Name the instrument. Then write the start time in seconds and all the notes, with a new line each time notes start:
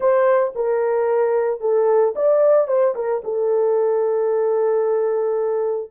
horn
0.00 C5
0.55 A#4
1.60 A4
2.15 D5
2.67 C5
2.95 A#4
3.24 A4